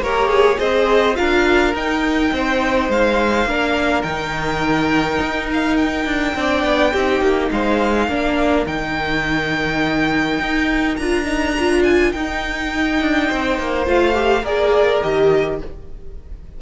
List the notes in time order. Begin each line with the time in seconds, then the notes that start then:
0.00 A#3 G4 A#4 C#5
0.29 G#4
0.57 C4 G#4 C5 D#5
1.16 D4 F4 A#4 F5
1.74 D#4 G5
2.32 C4 C5
2.90 G#3 F5
3.46 A#3 D4 A#4
4.03 D#3 D#4 G5
5.22 D#4
5.53 F5
5.77 G5
6.06 D4
6.36 C4 D4 D5
6.65 B3
6.93 C4 D#4 G4
7.21 A#3
7.52 G#3 C5 F5
8.09 A#3 D4 A#4
8.67 D#3 D#4 G5
10.40 D#4
10.97 D4 F4 A#5
11.25 D#4
11.59 F4
11.84 G#5
12.13 D#4 G5
13.02 D4
13.28 C4 C5
13.59 A#3
13.87 A3 F4 F5
14.14 G4
14.43 A#3 G#4 A#4 D5
15.03 D#3 G4 D#5